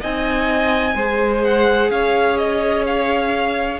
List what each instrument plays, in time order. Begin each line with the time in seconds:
0.00 cello C4, viola D#4, violin D#5 G#5
0.94 cello G#3, viola G#4, violin C5
1.44 violin F#5
1.90 cello C#4, violin C#5 F5
2.38 violin D#5
2.86 violin F5